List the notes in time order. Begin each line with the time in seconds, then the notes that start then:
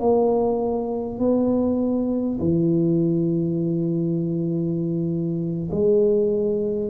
0.00 A#3
1.19 B3
2.40 E3
5.71 G#3